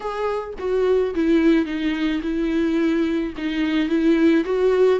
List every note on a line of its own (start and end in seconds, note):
0.00 0.53 G#4
0.58 1.14 F#4
1.14 1.65 E4
1.65 2.21 D#4
2.22 3.33 E4
3.37 3.88 D#4
3.88 4.44 E4
4.44 4.99 F#4